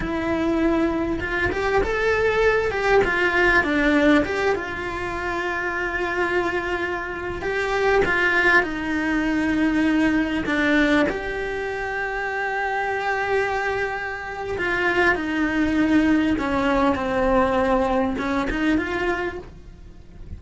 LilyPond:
\new Staff \with { instrumentName = "cello" } { \time 4/4 \tempo 4 = 99 e'2 f'8 g'8 a'4~ | a'8 g'8 f'4 d'4 g'8 f'8~ | f'1~ | f'16 g'4 f'4 dis'4.~ dis'16~ |
dis'4~ dis'16 d'4 g'4.~ g'16~ | g'1 | f'4 dis'2 cis'4 | c'2 cis'8 dis'8 f'4 | }